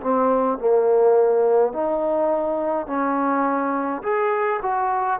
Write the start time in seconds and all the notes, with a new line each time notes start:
0.00 C4
0.58 A#3
1.73 D#4
2.86 C#4
4.02 G#4
4.62 F#4